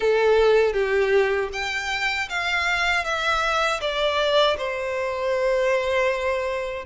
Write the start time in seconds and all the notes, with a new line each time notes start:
0.00 A4
0.73 G4
1.53 G5
2.29 F5
3.04 E5
3.80 D5
4.57 C5